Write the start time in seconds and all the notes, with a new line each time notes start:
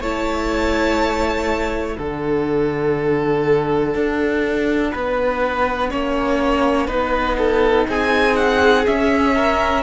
0.00 A3 E4 C#5 A5
1.97 D3 D4 A4 F#5
3.94 D4
4.91 B3 B4
5.90 A#3 C#4 C#5
6.87 B3 D#4 B4
7.38 A4
7.88 C4 G#4 G#5
8.36 F#5
8.85 C#4 E5
9.34 A#4